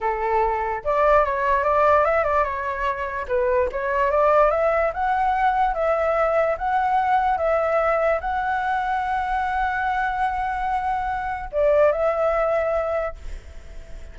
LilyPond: \new Staff \with { instrumentName = "flute" } { \time 4/4 \tempo 4 = 146 a'2 d''4 cis''4 | d''4 e''8 d''8 cis''2 | b'4 cis''4 d''4 e''4 | fis''2 e''2 |
fis''2 e''2 | fis''1~ | fis''1 | d''4 e''2. | }